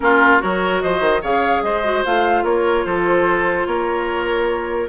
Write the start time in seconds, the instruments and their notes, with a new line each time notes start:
0.00 bassoon A#3, clarinet C#4, oboe F4, flute A#4
0.39 bassoon F#3, clarinet F#4, oboe A#4, flute C#5
0.81 bassoon F3, oboe C5, flute D#5
1.00 bassoon D#3
1.21 bassoon C#3, clarinet G#4, oboe C#5, flute F5
1.62 bassoon G#3, oboe C5, flute D#5
1.83 clarinet F#4
2.05 bassoon A3, clarinet F4, flute F5
2.43 bassoon A#3, oboe A#4, flute C#5
2.85 bassoon F3, oboe A4, flute C5
3.66 bassoon A#3, oboe A#4, flute C#5